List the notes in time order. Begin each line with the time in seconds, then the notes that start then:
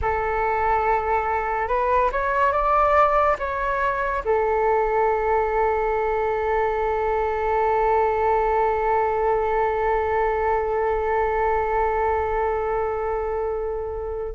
0.01 A4
1.68 B4
2.12 C#5
2.52 D5
3.38 C#5
4.24 A4